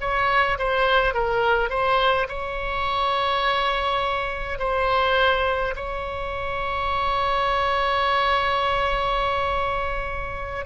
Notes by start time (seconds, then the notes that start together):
0.00 C#5
0.58 C5
1.14 A#4
1.69 C5
2.28 C#5
4.59 C5
5.75 C#5